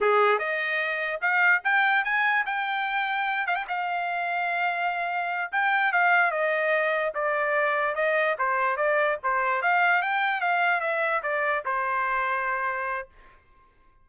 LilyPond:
\new Staff \with { instrumentName = "trumpet" } { \time 4/4 \tempo 4 = 147 gis'4 dis''2 f''4 | g''4 gis''4 g''2~ | g''8 f''16 g''16 f''2.~ | f''4. g''4 f''4 dis''8~ |
dis''4. d''2 dis''8~ | dis''8 c''4 d''4 c''4 f''8~ | f''8 g''4 f''4 e''4 d''8~ | d''8 c''2.~ c''8 | }